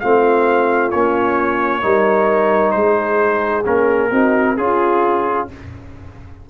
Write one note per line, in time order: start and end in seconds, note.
0.00 0.93 A3
0.00 0.92 C4
0.00 1.83 F4
0.00 0.91 F5
0.91 1.84 A#3
0.91 1.82 C#4
0.91 2.71 C#5
1.82 2.74 G3
1.82 3.63 D#4
1.82 2.74 A#4
2.71 3.65 G#3
2.71 4.11 G#4
2.71 3.62 C5
3.65 4.11 A#3
3.65 4.11 C#4
3.65 4.57 A#4
4.11 4.57 C4
4.11 4.57 D#4
4.11 4.57 F#4
4.57 5.48 C#4
4.57 5.48 F4
4.57 5.50 F4
4.57 5.48 G#4